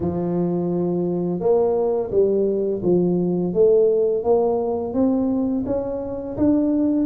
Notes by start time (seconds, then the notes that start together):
0.00 F3
1.39 A#3
2.10 G3
2.82 F3
3.53 A3
4.23 A#3
4.93 C4
5.66 C#4
6.37 D4